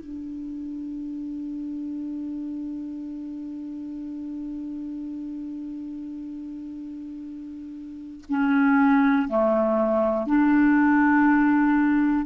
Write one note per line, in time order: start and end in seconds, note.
0.00 8.25 D4
8.29 9.28 C#4
9.28 10.26 A3
10.26 12.26 D4